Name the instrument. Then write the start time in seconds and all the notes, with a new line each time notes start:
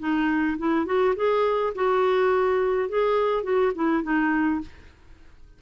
clarinet
0.00 D#4
0.59 E4
0.86 F#4
1.16 G#4
1.76 F#4
2.89 G#4
3.44 F#4
3.76 E4
4.04 D#4